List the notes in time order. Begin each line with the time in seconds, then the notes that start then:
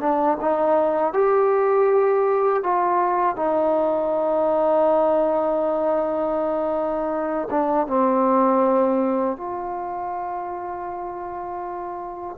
0.00 D4
0.41 D#4
1.14 G4
2.64 F4
3.36 D#4
7.51 D4
7.88 C4
9.38 F4